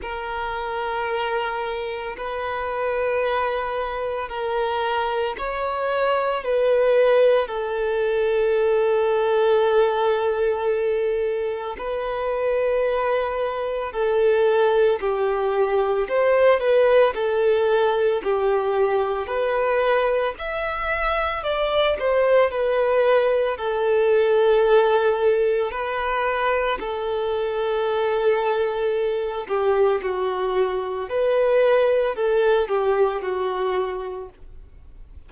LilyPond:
\new Staff \with { instrumentName = "violin" } { \time 4/4 \tempo 4 = 56 ais'2 b'2 | ais'4 cis''4 b'4 a'4~ | a'2. b'4~ | b'4 a'4 g'4 c''8 b'8 |
a'4 g'4 b'4 e''4 | d''8 c''8 b'4 a'2 | b'4 a'2~ a'8 g'8 | fis'4 b'4 a'8 g'8 fis'4 | }